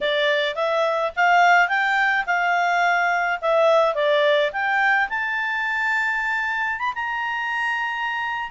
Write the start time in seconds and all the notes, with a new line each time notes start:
0.00 D5
0.55 E5
1.16 F5
1.68 G5
2.26 F5
3.41 E5
3.94 D5
4.52 G5
5.09 A5
6.79 B5
6.94 A#5